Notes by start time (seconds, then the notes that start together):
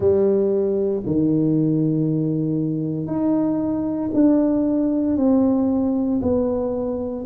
0.00 G3
1.06 D#3
3.06 D#4
4.13 D4
5.16 C4
6.22 B3